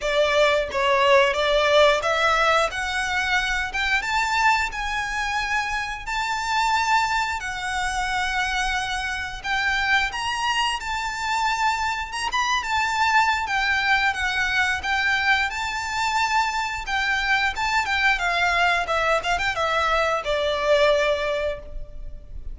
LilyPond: \new Staff \with { instrumentName = "violin" } { \time 4/4 \tempo 4 = 89 d''4 cis''4 d''4 e''4 | fis''4. g''8 a''4 gis''4~ | gis''4 a''2 fis''4~ | fis''2 g''4 ais''4 |
a''2 ais''16 b''8 a''4~ a''16 | g''4 fis''4 g''4 a''4~ | a''4 g''4 a''8 g''8 f''4 | e''8 f''16 g''16 e''4 d''2 | }